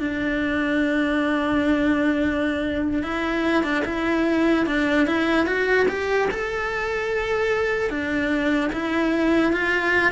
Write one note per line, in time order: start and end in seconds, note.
0.00 3.03 D4
3.03 3.63 E4
3.63 3.84 D4
3.85 4.66 E4
4.66 5.06 D4
5.06 5.46 E4
5.46 5.87 F#4
5.88 6.29 G4
6.31 7.90 A4
7.90 8.71 D4
8.73 9.53 E4
9.53 10.12 F4